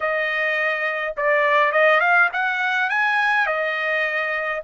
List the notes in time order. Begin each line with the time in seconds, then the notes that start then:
0.00 D#5
1.16 D5
1.72 D#5
2.00 F5
2.32 F#5
2.89 G#5
3.46 D#5